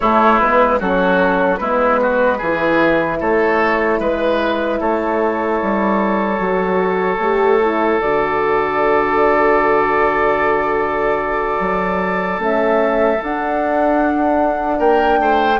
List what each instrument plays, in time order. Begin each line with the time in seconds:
0.00 bassoon A3, horn A3, oboe E4, flute C#5
0.39 bassoon G#3, horn B3, flute B4
0.79 bassoon F#3, horn C#4, oboe F#4, flute A4
1.57 bassoon G#3, horn B3, oboe E4, flute B4
2.01 oboe F#4
2.38 bassoon E3, horn E4, oboe G#4
3.20 bassoon A3, oboe A4, flute C#5
3.99 bassoon G#3, oboe B4, flute B4
4.80 bassoon A3, oboe A4, flute C#5
5.62 bassoon G3
6.38 bassoon F#3, horn F#4
7.18 bassoon A3, horn G4
7.61 horn E4
8.01 bassoon D3, horn F#4, flute D5
11.59 bassoon F#3
12.38 bassoon A3, horn C#4, flute E5
13.21 bassoon D4, horn D4, flute F#5
14.79 bassoon A#3, oboe A#4, flute G5
15.18 bassoon A3, oboe C5